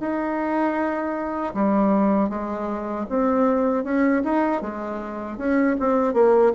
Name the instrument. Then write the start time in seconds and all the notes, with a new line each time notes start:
bassoon
0.00 D#4
1.54 G3
2.29 G#3
3.09 C4
3.84 C#4
4.24 D#4
4.62 G#3
5.38 C#4
5.80 C4
6.14 A#3